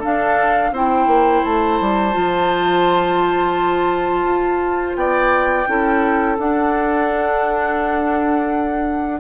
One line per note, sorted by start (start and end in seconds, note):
0.00 0.73 D4
0.00 0.72 D4
0.00 0.71 A4
0.00 0.75 F5
0.72 1.07 C4
0.72 2.12 E4
0.72 4.97 C5
0.72 1.45 G5
1.07 1.42 A#3
1.45 1.81 A3
1.45 4.96 A5
1.81 2.15 G3
2.12 4.24 F3
2.12 5.65 F4
4.24 4.95 F4
4.96 5.66 B3
4.96 5.70 D5
4.96 6.37 G5
5.67 6.39 C#4
5.67 6.37 E4
5.67 9.20 A4
6.39 9.20 D4
6.39 9.20 F#5